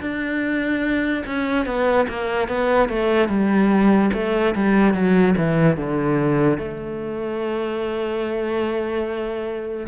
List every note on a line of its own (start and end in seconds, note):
0.00 1.23 D4
1.26 1.66 C#4
1.66 2.07 B3
2.08 2.48 A#3
2.48 2.89 B3
2.89 3.28 A3
3.28 4.10 G3
4.13 4.54 A3
4.55 4.93 G3
4.93 5.34 F#3
5.36 5.77 E3
5.77 6.58 D3
6.58 9.87 A3